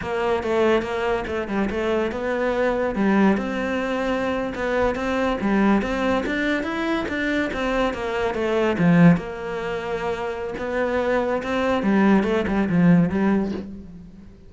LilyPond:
\new Staff \with { instrumentName = "cello" } { \time 4/4 \tempo 4 = 142 ais4 a4 ais4 a8 g8 | a4 b2 g4 | c'2~ c'8. b4 c'16~ | c'8. g4 c'4 d'4 e'16~ |
e'8. d'4 c'4 ais4 a16~ | a8. f4 ais2~ ais16~ | ais4 b2 c'4 | g4 a8 g8 f4 g4 | }